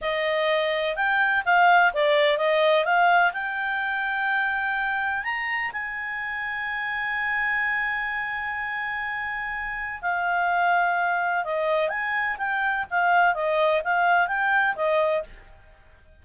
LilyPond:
\new Staff \with { instrumentName = "clarinet" } { \time 4/4 \tempo 4 = 126 dis''2 g''4 f''4 | d''4 dis''4 f''4 g''4~ | g''2. ais''4 | gis''1~ |
gis''1~ | gis''4 f''2. | dis''4 gis''4 g''4 f''4 | dis''4 f''4 g''4 dis''4 | }